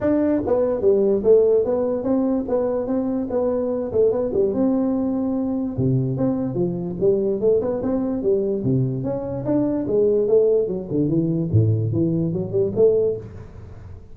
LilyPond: \new Staff \with { instrumentName = "tuba" } { \time 4/4 \tempo 4 = 146 d'4 b4 g4 a4 | b4 c'4 b4 c'4 | b4. a8 b8 g8 c'4~ | c'2 c4 c'4 |
f4 g4 a8 b8 c'4 | g4 c4 cis'4 d'4 | gis4 a4 fis8 d8 e4 | a,4 e4 fis8 g8 a4 | }